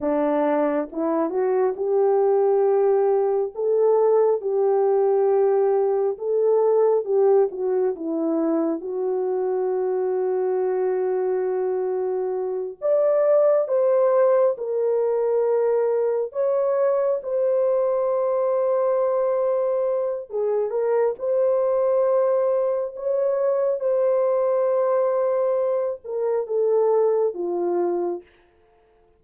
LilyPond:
\new Staff \with { instrumentName = "horn" } { \time 4/4 \tempo 4 = 68 d'4 e'8 fis'8 g'2 | a'4 g'2 a'4 | g'8 fis'8 e'4 fis'2~ | fis'2~ fis'8 d''4 c''8~ |
c''8 ais'2 cis''4 c''8~ | c''2. gis'8 ais'8 | c''2 cis''4 c''4~ | c''4. ais'8 a'4 f'4 | }